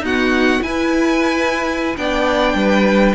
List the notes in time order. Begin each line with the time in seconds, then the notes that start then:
0.00 B3 D#4 F#4 F#5
0.61 E4 B4 G#5
1.98 B3 D4 D5 G5
2.54 G3 B4